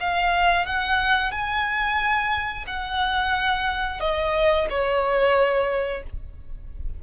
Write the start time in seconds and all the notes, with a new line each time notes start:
0.00 F5
0.65 F#5
1.31 G#5
2.67 F#5
4.00 D#5
4.69 C#5